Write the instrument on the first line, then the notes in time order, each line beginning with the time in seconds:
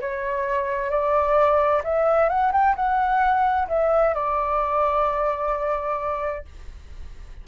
flute
0.00 C#5
0.90 D5
1.83 E5
2.29 F#5
2.52 G5
2.75 F#5
3.68 E5
4.14 D5